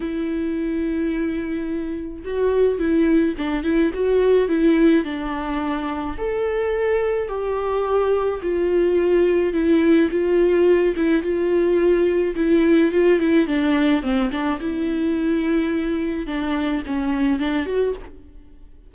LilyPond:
\new Staff \with { instrumentName = "viola" } { \time 4/4 \tempo 4 = 107 e'1 | fis'4 e'4 d'8 e'8 fis'4 | e'4 d'2 a'4~ | a'4 g'2 f'4~ |
f'4 e'4 f'4. e'8 | f'2 e'4 f'8 e'8 | d'4 c'8 d'8 e'2~ | e'4 d'4 cis'4 d'8 fis'8 | }